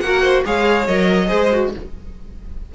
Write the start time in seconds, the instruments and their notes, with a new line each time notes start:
0.00 cello A#3, viola F#4, violin A#4 F#5
0.23 violin C5
0.45 cello G#3, viola G#4, violin C#5 F5
0.87 cello F#3, viola A#4, violin D#5
1.27 cello G#3, viola G#4, violin C5
1.52 viola F#4